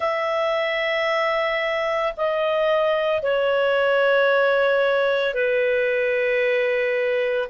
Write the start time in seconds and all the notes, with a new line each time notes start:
0.00 E5
2.16 D#5
3.22 C#5
5.34 B4